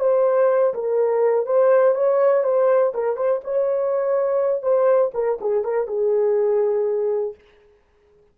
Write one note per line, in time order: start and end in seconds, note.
0.00 0.74 C5
0.74 1.46 A#4
1.46 1.95 C5
1.95 2.44 C#5
2.44 2.93 C5
2.94 3.17 A#4
3.17 3.41 C5
3.44 4.63 C#5
4.63 5.12 C5
5.14 5.39 A#4
5.41 5.64 G#4
5.64 5.87 A#4
5.87 7.35 G#4